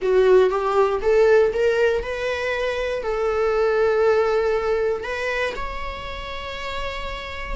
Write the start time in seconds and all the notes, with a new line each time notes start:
0.02 F#4
0.50 G4
1.02 A4
1.53 A#4
2.02 B4
3.03 A4
5.03 B4
5.56 C#5